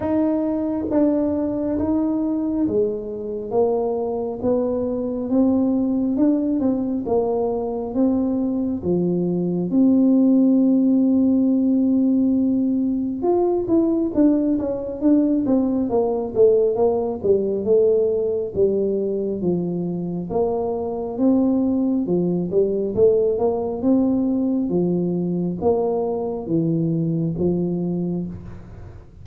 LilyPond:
\new Staff \with { instrumentName = "tuba" } { \time 4/4 \tempo 4 = 68 dis'4 d'4 dis'4 gis4 | ais4 b4 c'4 d'8 c'8 | ais4 c'4 f4 c'4~ | c'2. f'8 e'8 |
d'8 cis'8 d'8 c'8 ais8 a8 ais8 g8 | a4 g4 f4 ais4 | c'4 f8 g8 a8 ais8 c'4 | f4 ais4 e4 f4 | }